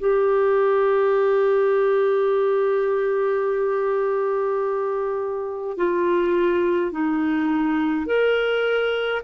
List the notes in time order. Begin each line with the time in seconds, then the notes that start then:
0.00 G4
5.77 F4
6.91 D#4
8.07 A#4